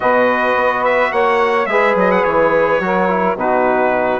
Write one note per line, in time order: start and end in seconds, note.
0.00 0.55 B2
0.00 1.64 F#4
0.00 1.12 B4
0.00 0.84 D#5
0.55 1.11 B3
0.84 1.12 E5
1.12 1.66 A#3
1.12 1.68 C#5
1.12 1.66 F#5
1.66 1.94 G#3
1.66 2.80 G#4
1.66 2.83 B4
1.66 1.94 E5
1.95 2.23 F#3
1.95 2.11 D#5
2.11 2.23 F#5
2.23 2.79 E3
2.23 3.36 C#5
2.79 3.35 F#3
2.79 3.08 F#4
2.79 3.37 A#4
3.09 3.37 E4
3.35 4.19 B2
3.35 4.20 D#4
3.35 4.20 F#4
3.35 4.20 B4